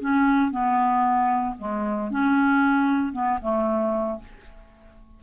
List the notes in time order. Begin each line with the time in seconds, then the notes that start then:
0.00 C#4
0.51 B3
1.58 G#3
2.11 C#4
3.13 B3
3.41 A3